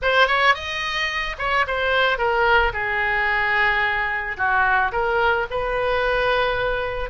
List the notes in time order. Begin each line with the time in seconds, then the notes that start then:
0.01 C5
0.27 C#5
0.54 D#5
1.38 C#5
1.67 C5
2.18 A#4
2.73 G#4
4.37 F#4
4.91 A#4
5.50 B4